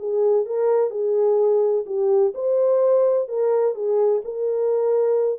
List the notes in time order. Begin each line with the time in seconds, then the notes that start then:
0.00 G#4
0.46 A#4
0.91 G#4
1.87 G4
2.35 C5
3.29 A#4
3.75 G#4
4.25 A#4